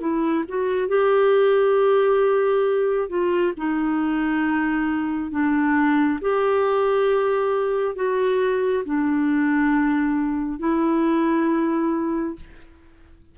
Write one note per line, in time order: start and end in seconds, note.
0.00 0.44 E4
0.48 0.88 F#4
0.88 3.09 G4
3.09 3.53 F4
3.57 5.31 D#4
5.31 6.19 D4
6.21 7.95 G4
7.95 8.84 F#4
8.85 10.59 D4
10.59 12.35 E4